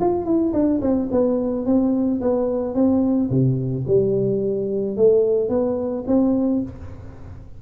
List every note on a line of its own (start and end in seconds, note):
0.00 0.25 F4
0.25 0.52 E4
0.53 0.80 D4
0.81 1.09 C4
1.11 1.65 B3
1.65 2.20 C4
2.21 2.74 B3
2.74 3.30 C4
3.30 3.85 C3
3.87 4.96 G3
4.96 5.49 A3
5.49 6.04 B3
6.07 6.62 C4